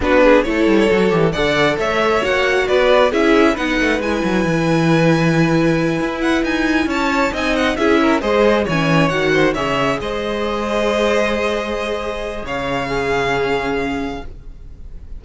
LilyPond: <<
  \new Staff \with { instrumentName = "violin" } { \time 4/4 \tempo 4 = 135 b'4 cis''2 fis''4 | e''4 fis''4 d''4 e''4 | fis''4 gis''2.~ | gis''2 fis''8 gis''4 a''8~ |
a''8 gis''8 fis''8 e''4 dis''4 gis''8~ | gis''8 fis''4 e''4 dis''4.~ | dis''1 | f''1 | }
  \new Staff \with { instrumentName = "violin" } { \time 4/4 fis'8 gis'8 a'2 d''4 | cis''2 b'4 gis'4 | b'1~ | b'2.~ b'8 cis''8~ |
cis''8 dis''4 gis'8 ais'8 c''4 cis''8~ | cis''4 c''8 cis''4 c''4.~ | c''1 | cis''4 gis'2. | }
  \new Staff \with { instrumentName = "viola" } { \time 4/4 d'4 e'4 fis'8 g'8 a'4~ | a'4 fis'2 e'4 | dis'4 e'2.~ | e'1~ |
e'8 dis'4 e'4 gis'4 cis'8~ | cis'8 fis'4 gis'2~ gis'8~ | gis'1~ | gis'4 cis'2. | }
  \new Staff \with { instrumentName = "cello" } { \time 4/4 b4 a8 g8 fis8 e8 d4 | a4 ais4 b4 cis'4 | b8 a8 gis8 fis8 e2~ | e4. e'4 dis'4 cis'8~ |
cis'8 c'4 cis'4 gis4 e8~ | e8 dis4 cis4 gis4.~ | gis1 | cis1 | }
>>